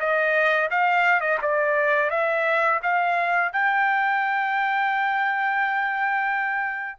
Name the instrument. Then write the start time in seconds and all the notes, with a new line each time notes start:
trumpet
0.00 D#5
0.71 F5
1.21 D#5
1.42 D5
2.10 E5
2.83 F5
3.53 G5